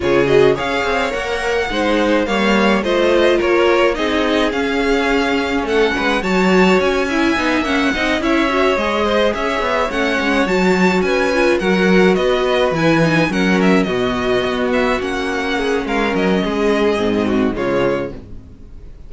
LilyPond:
<<
  \new Staff \with { instrumentName = "violin" } { \time 4/4 \tempo 4 = 106 cis''8 dis''8 f''4 fis''2 | f''4 dis''4 cis''4 dis''4 | f''2 fis''4 a''4 | gis''4. fis''4 e''4 dis''8~ |
dis''8 e''4 fis''4 a''4 gis''8~ | gis''8 fis''4 dis''4 gis''4 fis''8 | e''8 dis''4. e''8 fis''4. | f''8 dis''2~ dis''8 cis''4 | }
  \new Staff \with { instrumentName = "violin" } { \time 4/4 gis'4 cis''2 c''4 | cis''4 c''4 ais'4 gis'4~ | gis'2 a'8 b'8 cis''4~ | cis''8 e''4. dis''8 cis''4. |
c''8 cis''2. b'8~ | b'8 ais'4 b'2 ais'8~ | ais'8 fis'2. gis'8 | ais'4 gis'4. fis'8 f'4 | }
  \new Staff \with { instrumentName = "viola" } { \time 4/4 f'8 fis'8 gis'4 ais'4 dis'4 | ais4 f'2 dis'4 | cis'2. fis'4~ | fis'8 e'8 dis'8 cis'8 dis'8 e'8 fis'8 gis'8~ |
gis'4. cis'4 fis'4. | f'8 fis'2 e'8 dis'8 cis'8~ | cis'8 b2 cis'4.~ | cis'2 c'4 gis4 | }
  \new Staff \with { instrumentName = "cello" } { \time 4/4 cis4 cis'8 c'8 ais4 gis4 | g4 a4 ais4 c'4 | cis'2 a8 gis8 fis4 | cis'4 b8 ais8 c'8 cis'4 gis8~ |
gis8 cis'8 b8 a8 gis8 fis4 cis'8~ | cis'8 fis4 b4 e4 fis8~ | fis8 b,4 b4 ais4. | gis8 fis8 gis4 gis,4 cis4 | }
>>